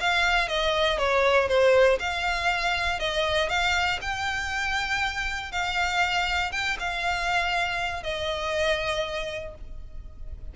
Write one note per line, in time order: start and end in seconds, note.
0.00 0.48 F5
0.48 0.98 D#5
0.98 1.48 C#5
1.48 1.98 C5
1.99 2.99 F5
2.99 3.49 D#5
3.49 3.99 F5
4.01 5.51 G5
5.51 6.52 F5
6.52 6.77 G5
6.79 8.03 F5
8.03 9.54 D#5